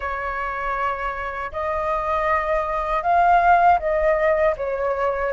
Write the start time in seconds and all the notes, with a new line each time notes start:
0.00 C#5
1.52 D#5
3.02 F5
3.79 D#5
4.56 C#5